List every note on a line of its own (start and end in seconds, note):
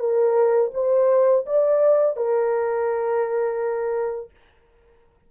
0.00 0.71 A#4
0.74 1.46 C5
1.46 2.17 D5
2.17 4.31 A#4